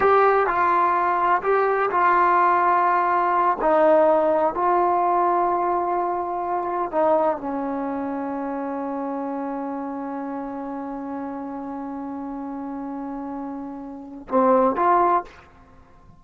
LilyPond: \new Staff \with { instrumentName = "trombone" } { \time 4/4 \tempo 4 = 126 g'4 f'2 g'4 | f'2.~ f'8 dis'8~ | dis'4. f'2~ f'8~ | f'2~ f'8 dis'4 cis'8~ |
cis'1~ | cis'1~ | cis'1~ | cis'2 c'4 f'4 | }